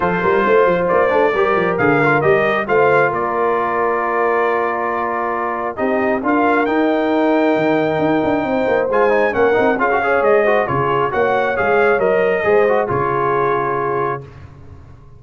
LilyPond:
<<
  \new Staff \with { instrumentName = "trumpet" } { \time 4/4 \tempo 4 = 135 c''2 d''2 | f''4 dis''4 f''4 d''4~ | d''1~ | d''4 dis''4 f''4 g''4~ |
g''1 | gis''4 fis''4 f''4 dis''4 | cis''4 fis''4 f''4 dis''4~ | dis''4 cis''2. | }
  \new Staff \with { instrumentName = "horn" } { \time 4/4 a'8 ais'8 c''2 ais'4~ | ais'2 c''4 ais'4~ | ais'1~ | ais'4 g'4 ais'2~ |
ais'2. c''4~ | c''4 ais'4 gis'8 cis''4 c''8 | gis'4 cis''2. | c''4 gis'2. | }
  \new Staff \with { instrumentName = "trombone" } { \time 4/4 f'2~ f'8 d'8 g'4 | gis'8 f'8 g'4 f'2~ | f'1~ | f'4 dis'4 f'4 dis'4~ |
dis'1 | f'8 dis'8 cis'8 dis'8 f'16 fis'16 gis'4 fis'8 | f'4 fis'4 gis'4 ais'4 | gis'8 fis'8 f'2. | }
  \new Staff \with { instrumentName = "tuba" } { \time 4/4 f8 g8 a8 f8 ais8 a8 g8 f8 | d4 g4 a4 ais4~ | ais1~ | ais4 c'4 d'4 dis'4~ |
dis'4 dis4 dis'8 d'8 c'8 ais8 | gis4 ais8 c'8 cis'4 gis4 | cis4 ais4 gis4 fis4 | gis4 cis2. | }
>>